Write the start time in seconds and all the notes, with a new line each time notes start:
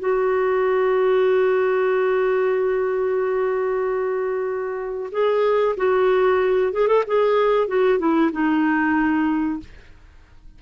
0.00 F#4
5.12 G#4
5.77 F#4
6.73 G#4
6.88 A4
7.07 G#4
7.68 F#4
7.99 E4
8.33 D#4